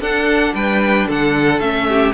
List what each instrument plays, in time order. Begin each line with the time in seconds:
0.00 cello D4, viola D4, violin A4 F#5
0.54 cello G3, violin B4 G5
1.07 cello D3, violin A4 F#5
1.59 cello A3, viola C#4, violin E5
1.89 violin G4